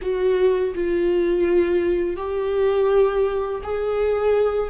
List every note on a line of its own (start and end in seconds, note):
0.01 0.74 F#4
0.74 2.16 F4
2.16 3.61 G4
3.63 4.69 G#4